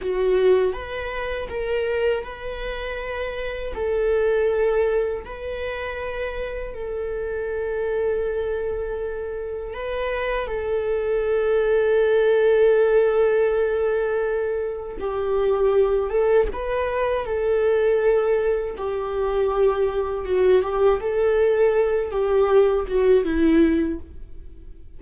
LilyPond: \new Staff \with { instrumentName = "viola" } { \time 4/4 \tempo 4 = 80 fis'4 b'4 ais'4 b'4~ | b'4 a'2 b'4~ | b'4 a'2.~ | a'4 b'4 a'2~ |
a'1 | g'4. a'8 b'4 a'4~ | a'4 g'2 fis'8 g'8 | a'4. g'4 fis'8 e'4 | }